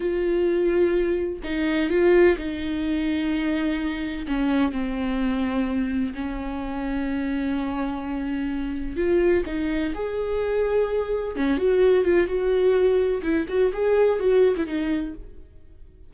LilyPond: \new Staff \with { instrumentName = "viola" } { \time 4/4 \tempo 4 = 127 f'2. dis'4 | f'4 dis'2.~ | dis'4 cis'4 c'2~ | c'4 cis'2.~ |
cis'2. f'4 | dis'4 gis'2. | cis'8 fis'4 f'8 fis'2 | e'8 fis'8 gis'4 fis'8. e'16 dis'4 | }